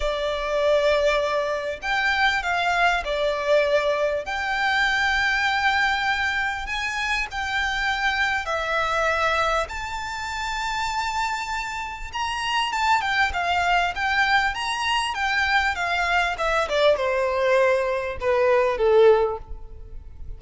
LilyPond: \new Staff \with { instrumentName = "violin" } { \time 4/4 \tempo 4 = 99 d''2. g''4 | f''4 d''2 g''4~ | g''2. gis''4 | g''2 e''2 |
a''1 | ais''4 a''8 g''8 f''4 g''4 | ais''4 g''4 f''4 e''8 d''8 | c''2 b'4 a'4 | }